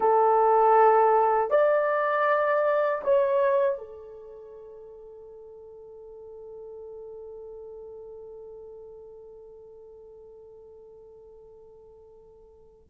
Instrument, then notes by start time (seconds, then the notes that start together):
horn
0.00 A4
1.50 D5
3.03 C#5
3.78 A4